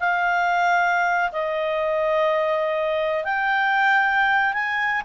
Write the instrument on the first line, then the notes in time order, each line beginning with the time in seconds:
clarinet
0.00 F5
1.32 D#5
3.24 G5
4.53 G#5